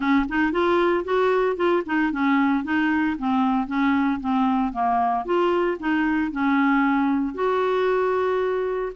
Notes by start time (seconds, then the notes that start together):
0.00 C#4
0.28 D#4
0.51 F4
1.04 F#4
1.56 F4
1.85 D#4
2.11 C#4
2.64 D#4
3.18 C4
3.67 C#4
4.20 C4
4.72 A#3
5.25 F4
5.79 D#4
6.31 C#4
7.34 F#4